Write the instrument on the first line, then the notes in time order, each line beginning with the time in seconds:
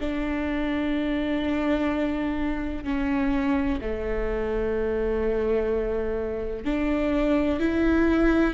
viola
0.00 D4
2.84 C#4
3.81 A3
6.65 D4
7.60 E4